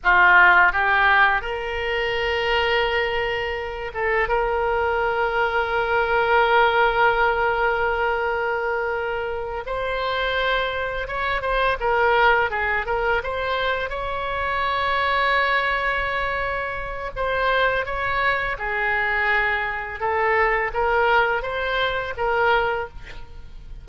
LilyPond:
\new Staff \with { instrumentName = "oboe" } { \time 4/4 \tempo 4 = 84 f'4 g'4 ais'2~ | ais'4. a'8 ais'2~ | ais'1~ | ais'4. c''2 cis''8 |
c''8 ais'4 gis'8 ais'8 c''4 cis''8~ | cis''1 | c''4 cis''4 gis'2 | a'4 ais'4 c''4 ais'4 | }